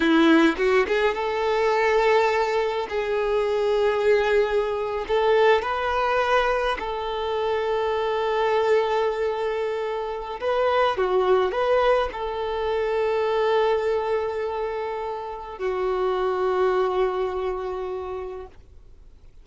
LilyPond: \new Staff \with { instrumentName = "violin" } { \time 4/4 \tempo 4 = 104 e'4 fis'8 gis'8 a'2~ | a'4 gis'2.~ | gis'8. a'4 b'2 a'16~ | a'1~ |
a'2 b'4 fis'4 | b'4 a'2.~ | a'2. fis'4~ | fis'1 | }